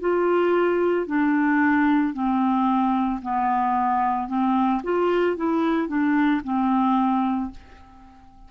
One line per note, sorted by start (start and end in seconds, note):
0.00 1.07 F4
1.07 2.14 D4
2.14 3.21 C4
3.21 4.28 B3
4.28 4.81 C4
4.84 5.37 F4
5.37 5.88 E4
5.88 6.41 D4
6.44 7.51 C4